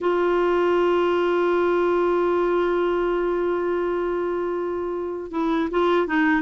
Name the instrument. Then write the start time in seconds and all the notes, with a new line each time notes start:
clarinet
0.00 F4
5.31 E4
5.70 F4
6.07 D#4